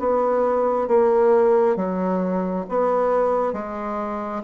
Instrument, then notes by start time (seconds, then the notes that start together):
bassoon
0.00 B3
0.88 A#3
1.76 F#3
2.69 B3
3.53 G#3